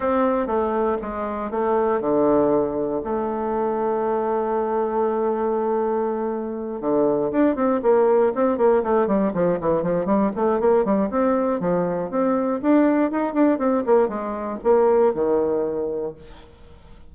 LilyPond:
\new Staff \with { instrumentName = "bassoon" } { \time 4/4 \tempo 4 = 119 c'4 a4 gis4 a4 | d2 a2~ | a1~ | a4. d4 d'8 c'8 ais8~ |
ais8 c'8 ais8 a8 g8 f8 e8 f8 | g8 a8 ais8 g8 c'4 f4 | c'4 d'4 dis'8 d'8 c'8 ais8 | gis4 ais4 dis2 | }